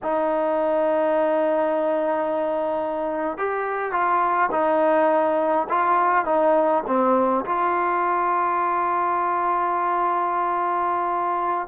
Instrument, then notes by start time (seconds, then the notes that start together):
trombone
0.02 D#4
3.37 G4
3.92 F4
4.51 D#4
5.69 F4
6.25 D#4
6.86 C4
7.45 F4